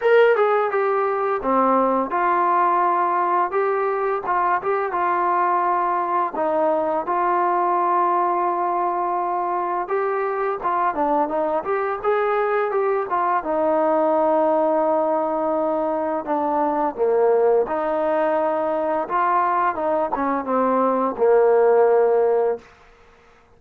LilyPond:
\new Staff \with { instrumentName = "trombone" } { \time 4/4 \tempo 4 = 85 ais'8 gis'8 g'4 c'4 f'4~ | f'4 g'4 f'8 g'8 f'4~ | f'4 dis'4 f'2~ | f'2 g'4 f'8 d'8 |
dis'8 g'8 gis'4 g'8 f'8 dis'4~ | dis'2. d'4 | ais4 dis'2 f'4 | dis'8 cis'8 c'4 ais2 | }